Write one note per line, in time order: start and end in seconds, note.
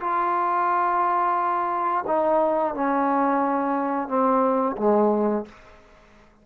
0.00 2.05 F4
2.07 2.74 D#4
2.74 4.08 C#4
4.08 4.76 C4
4.77 5.45 G#3